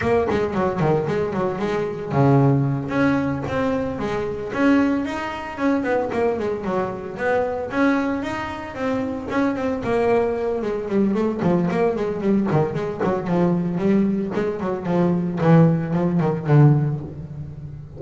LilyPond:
\new Staff \with { instrumentName = "double bass" } { \time 4/4 \tempo 4 = 113 ais8 gis8 fis8 dis8 gis8 fis8 gis4 | cis4. cis'4 c'4 gis8~ | gis8 cis'4 dis'4 cis'8 b8 ais8 | gis8 fis4 b4 cis'4 dis'8~ |
dis'8 c'4 cis'8 c'8 ais4. | gis8 g8 a8 f8 ais8 gis8 g8 dis8 | gis8 fis8 f4 g4 gis8 fis8 | f4 e4 f8 dis8 d4 | }